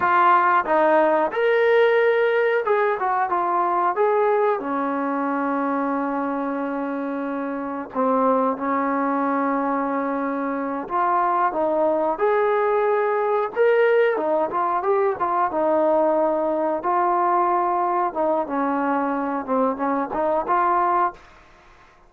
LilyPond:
\new Staff \with { instrumentName = "trombone" } { \time 4/4 \tempo 4 = 91 f'4 dis'4 ais'2 | gis'8 fis'8 f'4 gis'4 cis'4~ | cis'1 | c'4 cis'2.~ |
cis'8 f'4 dis'4 gis'4.~ | gis'8 ais'4 dis'8 f'8 g'8 f'8 dis'8~ | dis'4. f'2 dis'8 | cis'4. c'8 cis'8 dis'8 f'4 | }